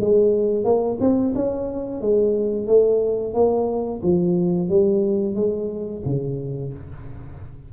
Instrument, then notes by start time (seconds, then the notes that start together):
tuba
0.00 G#3
0.64 A#3
1.00 C4
1.35 C#4
2.00 G#3
2.67 A3
3.33 A#3
4.02 F3
4.69 G3
5.35 G#3
6.05 C#3